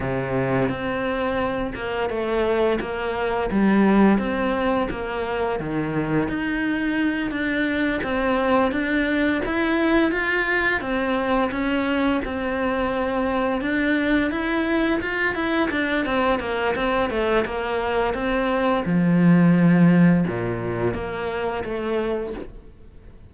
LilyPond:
\new Staff \with { instrumentName = "cello" } { \time 4/4 \tempo 4 = 86 c4 c'4. ais8 a4 | ais4 g4 c'4 ais4 | dis4 dis'4. d'4 c'8~ | c'8 d'4 e'4 f'4 c'8~ |
c'8 cis'4 c'2 d'8~ | d'8 e'4 f'8 e'8 d'8 c'8 ais8 | c'8 a8 ais4 c'4 f4~ | f4 ais,4 ais4 a4 | }